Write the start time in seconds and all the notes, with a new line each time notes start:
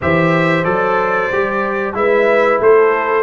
0.01 E3 G4 C5 E5
0.64 F#3 A4 D5
1.31 G3 G4
1.93 G#3 E4 B4 E5
2.60 A3 A4 C5